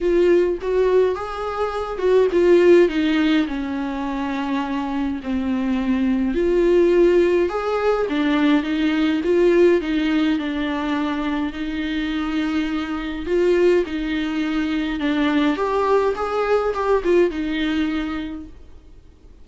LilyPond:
\new Staff \with { instrumentName = "viola" } { \time 4/4 \tempo 4 = 104 f'4 fis'4 gis'4. fis'8 | f'4 dis'4 cis'2~ | cis'4 c'2 f'4~ | f'4 gis'4 d'4 dis'4 |
f'4 dis'4 d'2 | dis'2. f'4 | dis'2 d'4 g'4 | gis'4 g'8 f'8 dis'2 | }